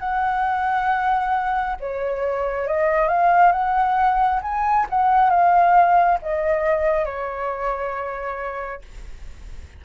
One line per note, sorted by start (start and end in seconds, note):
0.00 1.76 F#5
1.80 2.68 C#5
2.68 3.08 D#5
3.08 3.53 F5
3.53 4.41 F#5
4.43 4.87 G#5
4.90 5.31 F#5
5.31 6.19 F5
6.22 7.05 D#5
7.05 8.82 C#5